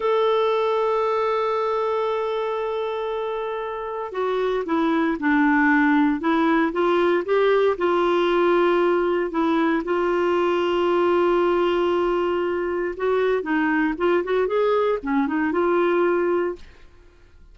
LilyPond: \new Staff \with { instrumentName = "clarinet" } { \time 4/4 \tempo 4 = 116 a'1~ | a'1 | fis'4 e'4 d'2 | e'4 f'4 g'4 f'4~ |
f'2 e'4 f'4~ | f'1~ | f'4 fis'4 dis'4 f'8 fis'8 | gis'4 cis'8 dis'8 f'2 | }